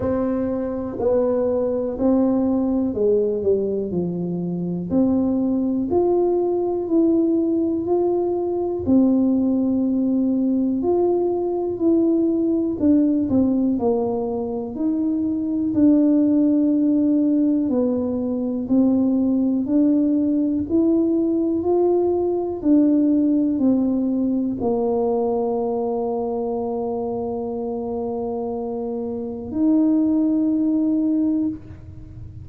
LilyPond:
\new Staff \with { instrumentName = "tuba" } { \time 4/4 \tempo 4 = 61 c'4 b4 c'4 gis8 g8 | f4 c'4 f'4 e'4 | f'4 c'2 f'4 | e'4 d'8 c'8 ais4 dis'4 |
d'2 b4 c'4 | d'4 e'4 f'4 d'4 | c'4 ais2.~ | ais2 dis'2 | }